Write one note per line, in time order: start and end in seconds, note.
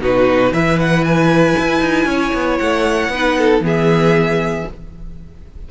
0.00 0.51 B2
0.00 0.53 D#4
0.00 0.52 F#4
0.00 0.53 B4
0.51 1.54 E3
0.51 3.13 E4
0.51 2.07 B4
0.51 0.79 E5
0.79 1.04 F#5
1.04 2.58 G#5
1.58 1.80 E4
1.80 2.05 D#4
2.05 2.31 C#4
2.05 3.12 C#5
2.33 2.59 B3
2.58 3.08 A3
2.58 3.61 F#5
3.08 3.60 B3
3.08 3.62 D#4
3.08 3.38 B4
3.38 3.64 A4
3.60 4.63 E3
3.60 4.65 B3
3.60 4.68 G#4
3.67 4.70 E5